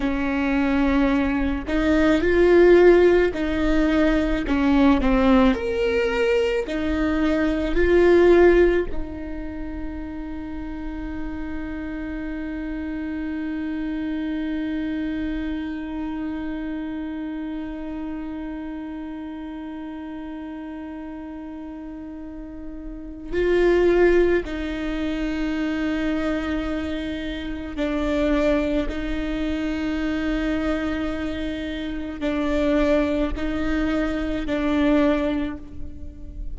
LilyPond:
\new Staff \with { instrumentName = "viola" } { \time 4/4 \tempo 4 = 54 cis'4. dis'8 f'4 dis'4 | cis'8 c'8 ais'4 dis'4 f'4 | dis'1~ | dis'1~ |
dis'1~ | dis'4 f'4 dis'2~ | dis'4 d'4 dis'2~ | dis'4 d'4 dis'4 d'4 | }